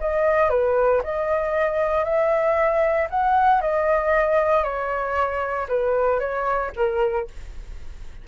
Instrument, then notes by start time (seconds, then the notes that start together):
flute
0.00 D#5
0.50 B4
1.03 D#5
2.04 E5
3.10 F#5
3.61 D#5
4.63 C#5
5.68 B4
6.20 C#5
6.76 A#4